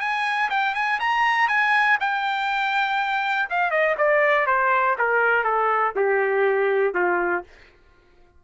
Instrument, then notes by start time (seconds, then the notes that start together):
trumpet
0.00 G#5
0.50 G5
0.75 G#5
1.00 A#5
1.49 G#5
2.01 G5
3.50 F5
3.71 D#5
3.98 D5
4.47 C5
4.99 A#4
5.44 A4
5.96 G4
6.95 F4